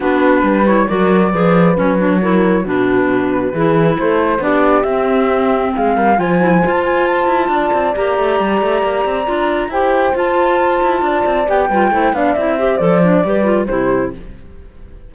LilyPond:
<<
  \new Staff \with { instrumentName = "flute" } { \time 4/4 \tempo 4 = 136 b'4. cis''8 d''2 | cis''2 b'2~ | b'4 c''4 d''4 e''4~ | e''4 f''4 gis''4~ gis''16 a''16 gis''8 |
a''2 ais''2~ | ais''2 g''4 a''4~ | a''2 g''4. f''8 | e''4 d''2 c''4 | }
  \new Staff \with { instrumentName = "horn" } { \time 4/4 fis'4 b'4 ais'4 b'4~ | b'4 ais'4 fis'2 | gis'4 a'4 g'2~ | g'4 gis'8 ais'8 c''2~ |
c''4 d''2.~ | d''2 c''2~ | c''4 d''4. b'8 c''8 d''8~ | d''8 c''4. b'4 g'4 | }
  \new Staff \with { instrumentName = "clarinet" } { \time 4/4 d'4. e'8 fis'4 gis'4 | cis'8 d'8 e'4 d'2 | e'2 d'4 c'4~ | c'2 f'8 e'8 f'4~ |
f'2 g'2~ | g'4 f'4 g'4 f'4~ | f'2 g'8 f'8 e'8 d'8 | e'8 g'8 a'8 d'8 g'8 f'8 e'4 | }
  \new Staff \with { instrumentName = "cello" } { \time 4/4 b4 g4 fis4 f4 | fis2 b,2 | e4 a4 b4 c'4~ | c'4 gis8 g8 f4 f'4~ |
f'8 e'8 d'8 c'8 ais8 a8 g8 a8 | ais8 c'8 d'4 e'4 f'4~ | f'8 e'8 d'8 c'8 b8 g8 a8 b8 | c'4 f4 g4 c4 | }
>>